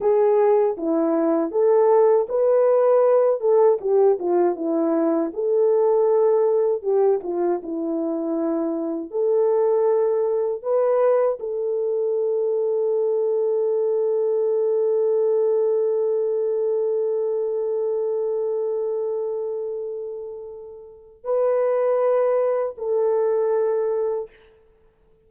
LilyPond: \new Staff \with { instrumentName = "horn" } { \time 4/4 \tempo 4 = 79 gis'4 e'4 a'4 b'4~ | b'8 a'8 g'8 f'8 e'4 a'4~ | a'4 g'8 f'8 e'2 | a'2 b'4 a'4~ |
a'1~ | a'1~ | a'1 | b'2 a'2 | }